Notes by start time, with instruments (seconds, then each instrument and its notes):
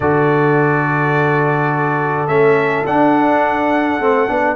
0.00 tuba D3, trombone F#4, horn A4, trumpet D5
2.26 tuba A3, trombone C#4, trumpet E5
2.85 tuba D4, trombone D4, trumpet F#5
3.99 tuba A3, trombone C4
4.28 tuba B3, trombone D4